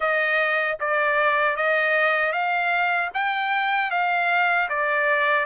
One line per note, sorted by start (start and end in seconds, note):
0.00 0.78 D#5
0.80 1.56 D5
1.56 2.32 D#5
2.32 3.10 F5
3.14 3.91 G5
3.91 4.69 F5
4.69 5.45 D5